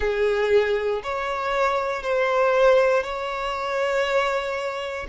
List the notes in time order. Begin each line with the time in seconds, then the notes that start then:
0.00 G#4
1.03 C#5
2.02 C5
3.03 C#5